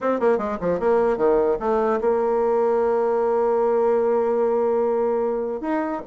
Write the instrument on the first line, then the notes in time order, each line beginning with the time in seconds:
bassoon
0.00 C4
0.20 A#3
0.38 G#3
0.60 F3
0.79 A#3
1.17 D#3
1.59 A3
2.00 A#3
5.60 D#4